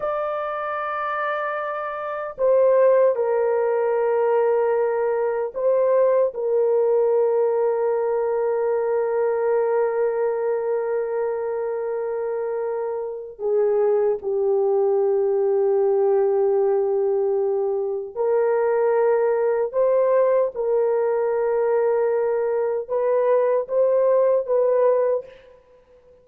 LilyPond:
\new Staff \with { instrumentName = "horn" } { \time 4/4 \tempo 4 = 76 d''2. c''4 | ais'2. c''4 | ais'1~ | ais'1~ |
ais'4 gis'4 g'2~ | g'2. ais'4~ | ais'4 c''4 ais'2~ | ais'4 b'4 c''4 b'4 | }